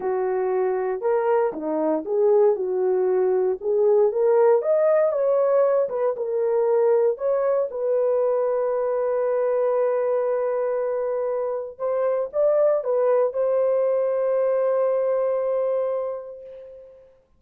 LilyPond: \new Staff \with { instrumentName = "horn" } { \time 4/4 \tempo 4 = 117 fis'2 ais'4 dis'4 | gis'4 fis'2 gis'4 | ais'4 dis''4 cis''4. b'8 | ais'2 cis''4 b'4~ |
b'1~ | b'2. c''4 | d''4 b'4 c''2~ | c''1 | }